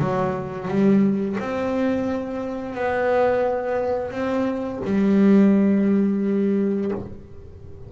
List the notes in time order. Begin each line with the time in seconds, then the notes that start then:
0.00 F#3
0.68 G3
1.40 C4
2.75 B3
4.11 C4
4.85 G3